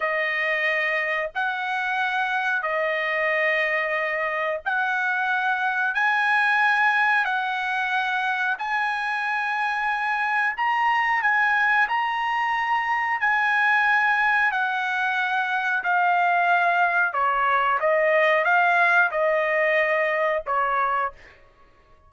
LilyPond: \new Staff \with { instrumentName = "trumpet" } { \time 4/4 \tempo 4 = 91 dis''2 fis''2 | dis''2. fis''4~ | fis''4 gis''2 fis''4~ | fis''4 gis''2. |
ais''4 gis''4 ais''2 | gis''2 fis''2 | f''2 cis''4 dis''4 | f''4 dis''2 cis''4 | }